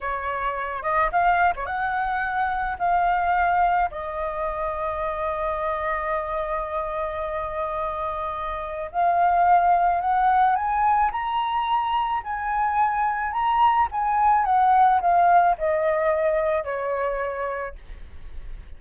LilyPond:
\new Staff \with { instrumentName = "flute" } { \time 4/4 \tempo 4 = 108 cis''4. dis''8 f''8. cis''16 fis''4~ | fis''4 f''2 dis''4~ | dis''1~ | dis''1 |
f''2 fis''4 gis''4 | ais''2 gis''2 | ais''4 gis''4 fis''4 f''4 | dis''2 cis''2 | }